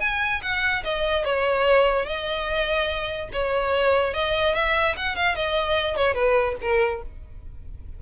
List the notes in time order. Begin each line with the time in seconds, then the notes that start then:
0.00 G#5
0.42 F#5
0.83 D#5
1.24 C#5
2.05 D#5
3.33 C#5
4.14 D#5
4.54 E5
4.97 F#5
5.16 F5
5.35 D#5
5.96 C#5
6.14 B4
6.61 A#4